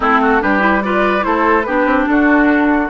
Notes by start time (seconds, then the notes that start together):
0.00 A3 C4 E4 A4
0.21 F#4
0.39 G3 D4 G4 B4
0.59 E4
0.83 F4 B4 D5
1.21 A3 E4 A4 C5
1.62 B3 D4 G4 B4
1.85 C4
2.07 D4 F#4 A4